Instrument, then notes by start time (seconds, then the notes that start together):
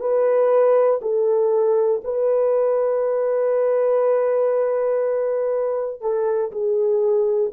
horn
0.00 B4
1.01 A4
2.04 B4
6.01 A4
6.52 G#4